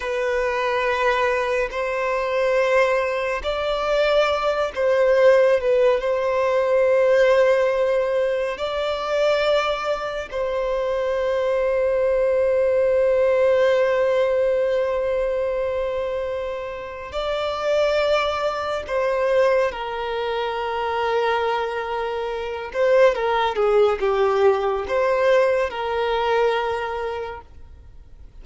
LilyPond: \new Staff \with { instrumentName = "violin" } { \time 4/4 \tempo 4 = 70 b'2 c''2 | d''4. c''4 b'8 c''4~ | c''2 d''2 | c''1~ |
c''1 | d''2 c''4 ais'4~ | ais'2~ ais'8 c''8 ais'8 gis'8 | g'4 c''4 ais'2 | }